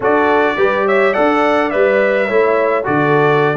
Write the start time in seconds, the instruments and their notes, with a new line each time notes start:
0.00 tuba D4, trombone F#4, horn A4, trumpet D5
0.57 tuba G3, trombone G4, horn B4
0.85 horn C#5, trumpet E5
1.12 tuba D4, trombone A4, horn D5, trumpet F#5
1.70 tuba G3, trombone B4, trumpet E5
2.27 tuba A3, trombone E4, horn C#5
2.84 tuba D3, trombone F#4, horn A4, trumpet D5